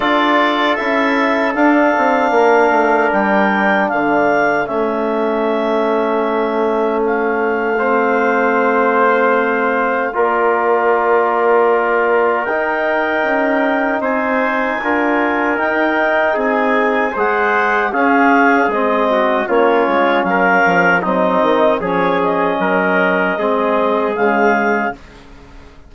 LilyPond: <<
  \new Staff \with { instrumentName = "clarinet" } { \time 4/4 \tempo 4 = 77 d''4 e''4 f''2 | g''4 f''4 e''2~ | e''4 f''2.~ | f''4 d''2. |
g''2 gis''2 | g''4 gis''4 fis''4 f''4 | dis''4 cis''4 f''4 dis''4 | cis''8 dis''2~ dis''8 f''4 | }
  \new Staff \with { instrumentName = "trumpet" } { \time 4/4 a'2. ais'4~ | ais'4 a'2.~ | a'2 c''2~ | c''4 ais'2.~ |
ais'2 c''4 ais'4~ | ais'4 gis'4 c''4 gis'4~ | gis'8 fis'8 f'4 ais'4 dis'4 | gis'4 ais'4 gis'2 | }
  \new Staff \with { instrumentName = "trombone" } { \time 4/4 f'4 e'4 d'2~ | d'2 cis'2~ | cis'2 c'2~ | c'4 f'2. |
dis'2. f'4 | dis'2 gis'4 cis'4 | c'4 cis'2 c'4 | cis'2 c'4 gis4 | }
  \new Staff \with { instrumentName = "bassoon" } { \time 4/4 d'4 cis'4 d'8 c'8 ais8 a8 | g4 d4 a2~ | a1~ | a4 ais2. |
dis'4 cis'4 c'4 d'4 | dis'4 c'4 gis4 cis'4 | gis4 ais8 gis8 fis8 f8 fis8 dis8 | f4 fis4 gis4 cis4 | }
>>